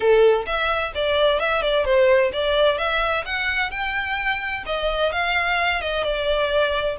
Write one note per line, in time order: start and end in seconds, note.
0.00 0.45 A4
0.45 0.92 E5
0.95 1.39 D5
1.39 1.62 E5
1.62 1.85 D5
1.85 2.31 C5
2.33 2.78 D5
2.78 3.24 E5
3.25 3.70 F#5
3.70 4.63 G5
4.65 5.12 D#5
5.12 5.81 F5
5.81 6.03 D#5
6.03 6.96 D5